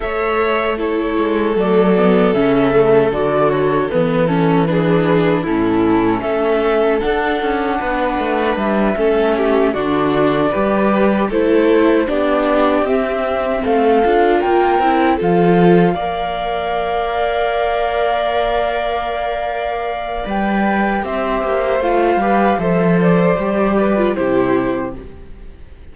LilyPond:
<<
  \new Staff \with { instrumentName = "flute" } { \time 4/4 \tempo 4 = 77 e''4 cis''4 d''4 e''4 | d''8 cis''8 b'8 a'8 b'4 a'4 | e''4 fis''2 e''4~ | e''8 d''2 c''4 d''8~ |
d''8 e''4 f''4 g''4 f''8~ | f''1~ | f''2 g''4 e''4 | f''4 e''8 d''4. c''4 | }
  \new Staff \with { instrumentName = "violin" } { \time 4/4 cis''4 a'2.~ | a'2 gis'4 e'4 | a'2 b'4. a'8 | g'8 fis'4 b'4 a'4 g'8~ |
g'4. a'4 ais'4 a'8~ | a'8 d''2.~ d''8~ | d''2. c''4~ | c''8 b'8 c''4. b'8 g'4 | }
  \new Staff \with { instrumentName = "viola" } { \time 4/4 a'4 e'4 a8 b8 cis'8 a8 | fis'4 b8 cis'8 d'4 cis'4~ | cis'4 d'2~ d'8 cis'8~ | cis'8 d'4 g'4 e'4 d'8~ |
d'8 c'4. f'4 e'8 f'8~ | f'8 ais'2.~ ais'8~ | ais'2 b'4 g'4 | f'8 g'8 a'4 g'8. f'16 e'4 | }
  \new Staff \with { instrumentName = "cello" } { \time 4/4 a4. gis8 fis4 cis4 | d4 e2 a,4 | a4 d'8 cis'8 b8 a8 g8 a8~ | a8 d4 g4 a4 b8~ |
b8 c'4 a8 d'8 ais8 c'8 f8~ | f8 ais2.~ ais8~ | ais2 g4 c'8 ais8 | a8 g8 f4 g4 c4 | }
>>